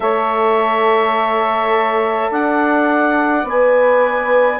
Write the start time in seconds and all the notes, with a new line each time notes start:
0.00 A3 A4 C#5 E5
2.30 D4 D5 F#5
3.44 B3 B4 G#5